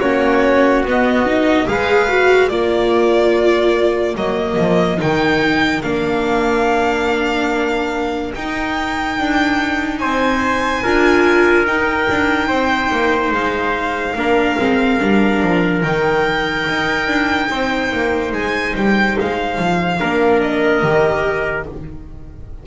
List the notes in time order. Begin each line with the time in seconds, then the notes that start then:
0.00 A#3 C#4 F#4 C#5
0.83 B3 D#5
1.26 D#4
1.67 G#3 G#4 B4 F5
2.09 F#4
2.49 A#3 F4 A#4 D5
4.15 F#3 A#3 D#5
4.59 F3
4.98 D#3 D#4 G5
5.82 A#3 D4 F5
8.35 D#4 G5
9.19 D4
9.99 C4 C5 G#5
10.84 D4 F4 A#4
11.66 D#4 G5
12.10 D4
12.48 C4 C5
12.91 A#3
13.31 G#3 F5
14.15 A#3 D4 A#4
14.59 G#3 C4
15.00 G3 D4
15.43 F3
15.82 D#3 D#4 G5
16.69 D#4
17.08 D4
17.50 C4 C5
17.93 A#3
18.33 G#3 G#5
18.76 G3 G5
19.21 G#3 F5
19.59 F3
20.00 A#3 D4 A#4
20.41 D#5
20.83 D#3 G4